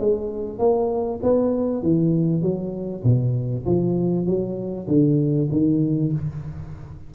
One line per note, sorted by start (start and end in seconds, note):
0.00 0.59 G#3
0.59 1.20 A#3
1.23 1.82 B3
1.82 2.42 E3
2.42 3.03 F#3
3.04 3.65 B2
3.65 4.26 F3
4.26 4.87 F#3
4.87 5.49 D3
5.51 6.12 D#3